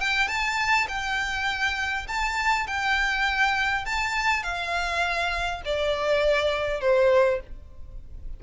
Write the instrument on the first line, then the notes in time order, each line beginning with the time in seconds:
violin
0.00 G5
0.28 A5
0.88 G5
2.08 A5
2.67 G5
3.86 A5
4.43 F5
5.65 D5
6.81 C5